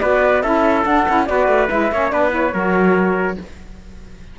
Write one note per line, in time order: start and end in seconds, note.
0.00 0.44 B3
0.00 0.43 F#4
0.00 0.43 B4
0.00 0.42 D5
0.42 0.86 C#4
0.42 0.84 E4
0.42 1.27 A4
0.42 0.84 E5
0.84 1.05 D4
0.84 1.07 D4
0.84 1.27 F#5
1.08 1.30 C#4
1.08 1.27 E4
1.27 1.48 B3
1.27 1.69 F#4
1.27 1.93 B4
1.27 1.69 D5
1.48 1.69 A3
1.70 1.92 G#3
1.70 1.91 E4
1.70 2.10 E5
1.92 2.12 A#3
1.92 2.11 C#4
1.92 2.13 C#5
2.10 2.54 B3
2.10 2.30 D4
2.10 2.54 B4
2.10 2.31 D5
2.30 2.51 E4
2.30 3.39 C#5
2.54 3.38 F#3
2.54 3.38 F#4
2.54 3.38 A#4